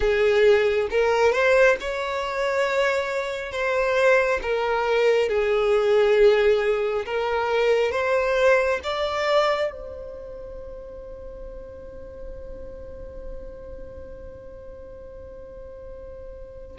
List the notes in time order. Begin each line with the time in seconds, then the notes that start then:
0.00 G#4
0.90 A#4
1.32 C5
1.80 C#5
3.51 C5
4.42 A#4
5.29 G#4
7.05 A#4
7.91 C5
8.83 D5
9.71 C5